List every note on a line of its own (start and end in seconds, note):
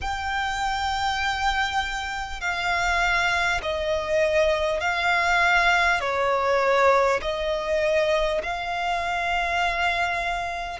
0.01 2.40 G5
2.40 3.60 F5
3.62 4.80 D#5
4.80 6.00 F5
6.00 7.20 C#5
7.21 8.41 D#5
8.42 10.79 F5